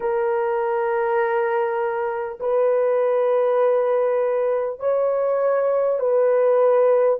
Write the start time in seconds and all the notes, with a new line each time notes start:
0.00 A#4
2.40 B4
4.79 C#5
5.99 B4